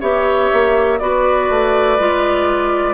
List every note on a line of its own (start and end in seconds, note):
0.00 0.50 B3
0.00 0.99 G4
0.00 0.98 C#5
0.00 0.99 E5
0.52 1.00 A#3
0.99 1.49 B3
0.99 1.99 F#4
0.99 2.94 B4
0.99 2.94 D5
1.49 1.99 A3
1.99 2.94 G#3
1.99 2.94 F4